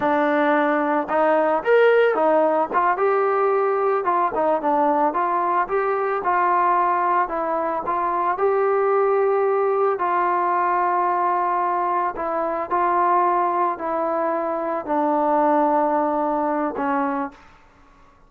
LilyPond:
\new Staff \with { instrumentName = "trombone" } { \time 4/4 \tempo 4 = 111 d'2 dis'4 ais'4 | dis'4 f'8 g'2 f'8 | dis'8 d'4 f'4 g'4 f'8~ | f'4. e'4 f'4 g'8~ |
g'2~ g'8 f'4.~ | f'2~ f'8 e'4 f'8~ | f'4. e'2 d'8~ | d'2. cis'4 | }